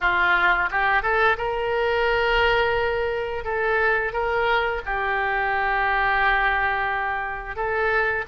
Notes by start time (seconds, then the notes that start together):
0.00 F4
0.70 G4
1.02 A4
1.37 A#4
3.44 A4
4.12 A#4
4.85 G4
7.55 A4